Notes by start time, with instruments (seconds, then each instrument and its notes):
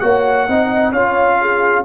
0.00 tuba A#3, trombone F#4, horn C#5, trumpet F#5
0.48 tuba C4, trombone D#4, horn D#5
0.92 tuba C#4, trombone F4, horn C#5, trumpet F5
1.41 horn G#4